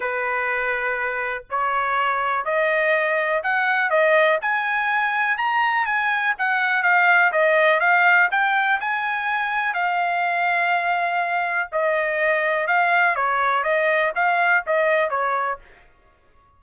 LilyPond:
\new Staff \with { instrumentName = "trumpet" } { \time 4/4 \tempo 4 = 123 b'2. cis''4~ | cis''4 dis''2 fis''4 | dis''4 gis''2 ais''4 | gis''4 fis''4 f''4 dis''4 |
f''4 g''4 gis''2 | f''1 | dis''2 f''4 cis''4 | dis''4 f''4 dis''4 cis''4 | }